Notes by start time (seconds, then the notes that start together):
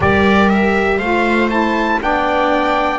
0.00 G3 G4 A#4 D5
0.49 E5
0.97 A3 F4 C5 F5
1.50 E4 A5
2.00 B3 D4 D5 G5